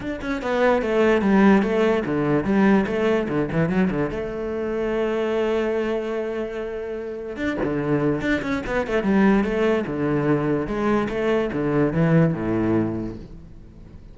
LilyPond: \new Staff \with { instrumentName = "cello" } { \time 4/4 \tempo 4 = 146 d'8 cis'8 b4 a4 g4 | a4 d4 g4 a4 | d8 e8 fis8 d8 a2~ | a1~ |
a2 d'8 d4. | d'8 cis'8 b8 a8 g4 a4 | d2 gis4 a4 | d4 e4 a,2 | }